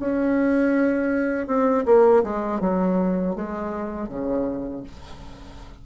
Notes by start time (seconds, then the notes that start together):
0.00 C#4
1.47 C4
1.86 A#3
2.24 G#3
2.61 F#3
3.36 G#3
4.09 C#3